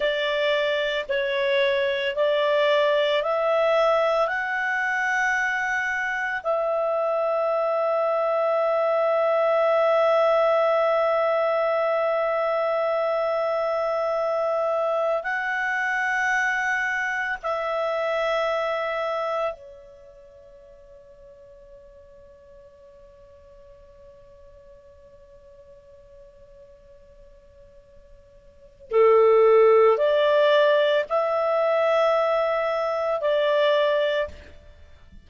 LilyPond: \new Staff \with { instrumentName = "clarinet" } { \time 4/4 \tempo 4 = 56 d''4 cis''4 d''4 e''4 | fis''2 e''2~ | e''1~ | e''2~ e''16 fis''4.~ fis''16~ |
fis''16 e''2 cis''4.~ cis''16~ | cis''1~ | cis''2. a'4 | d''4 e''2 d''4 | }